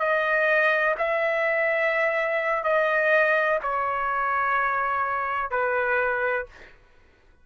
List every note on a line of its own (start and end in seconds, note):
0.00 0.95 D#5
0.99 2.65 E5
2.65 3.60 D#5
3.63 5.51 C#5
5.51 6.46 B4